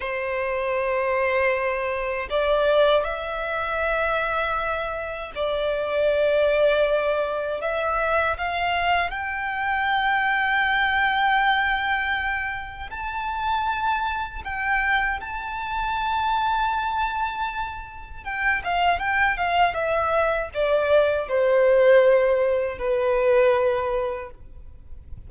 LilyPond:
\new Staff \with { instrumentName = "violin" } { \time 4/4 \tempo 4 = 79 c''2. d''4 | e''2. d''4~ | d''2 e''4 f''4 | g''1~ |
g''4 a''2 g''4 | a''1 | g''8 f''8 g''8 f''8 e''4 d''4 | c''2 b'2 | }